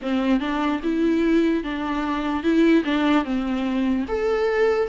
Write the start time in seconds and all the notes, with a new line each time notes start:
0.02 C4
0.40 D4
0.83 E4
1.63 D4
2.43 E4
2.84 D4
3.24 C4
4.08 A4